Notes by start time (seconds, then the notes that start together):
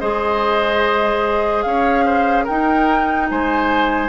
0.00 G#3 G#4 C5 D#5
1.62 C#4 C#5 F5
2.05 C5
2.44 D#4 A#4 G5
3.29 G#3 C5 G#5